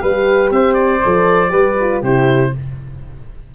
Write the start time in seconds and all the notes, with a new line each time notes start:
0.00 G3 G4 B4 F5
0.51 C4 C5 E5
0.74 D5
1.03 F3 A4
1.49 G3 G4 B4
1.80 F4
2.02 C3 E4 G4 C5